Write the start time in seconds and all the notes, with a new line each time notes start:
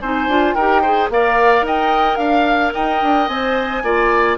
0.00 C4 D#4 C5 G#5
0.27 D4 F4
0.53 D#4 G4 A#4 G5
0.81 G#4 C5
1.09 A#3 A#4 D5 F5
1.61 D#4 D#5 G5
2.16 D4 F5
2.74 D#4 D#5 G5
3.02 D4
3.28 C4 C5 G#5
3.83 A#3 F4 D5